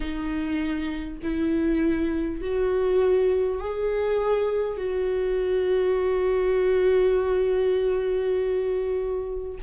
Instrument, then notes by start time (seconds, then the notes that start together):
viola
0.00 D#4
1.23 E4
2.41 F#4
3.59 G#4
4.77 F#4